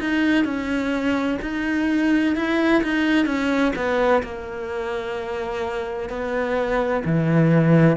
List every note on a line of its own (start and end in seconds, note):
0.00 0.45 D#4
0.45 1.38 C#4
1.42 2.36 D#4
2.36 2.83 E4
2.83 3.26 D#4
3.26 3.72 C#4
3.75 4.22 B3
4.23 6.09 A#3
6.09 7.03 B3
7.05 7.96 E3